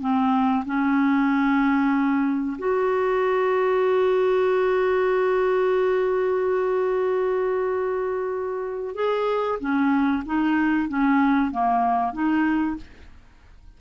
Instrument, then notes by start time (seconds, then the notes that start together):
clarinet
0.00 C4
0.65 C#4
2.58 F#4
8.94 G#4
9.59 C#4
10.25 D#4
10.88 C#4
11.51 A#3
12.12 D#4